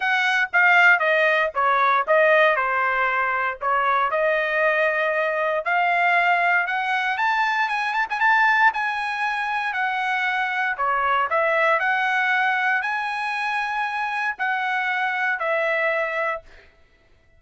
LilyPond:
\new Staff \with { instrumentName = "trumpet" } { \time 4/4 \tempo 4 = 117 fis''4 f''4 dis''4 cis''4 | dis''4 c''2 cis''4 | dis''2. f''4~ | f''4 fis''4 a''4 gis''8 a''16 gis''16 |
a''4 gis''2 fis''4~ | fis''4 cis''4 e''4 fis''4~ | fis''4 gis''2. | fis''2 e''2 | }